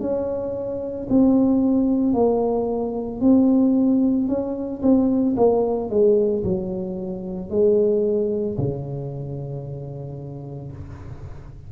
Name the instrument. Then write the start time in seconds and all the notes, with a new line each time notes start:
tuba
0.00 C#4
1.09 C4
2.13 A#3
3.20 C4
4.28 C#4
4.82 C4
5.37 A#3
5.90 G#3
6.43 F#3
7.50 G#3
8.58 C#3